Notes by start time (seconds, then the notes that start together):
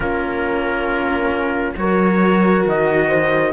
0.00 A#3 C#4 F4 A#4
1.76 F#3 F#4 A#4 C#5
2.66 D#3 D#5
3.08 C5